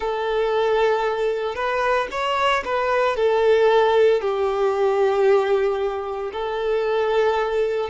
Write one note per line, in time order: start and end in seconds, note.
0.00 1.55 A4
1.55 2.07 B4
2.11 2.63 C#5
2.65 3.16 B4
3.16 4.21 A4
4.21 6.31 G4
6.32 7.89 A4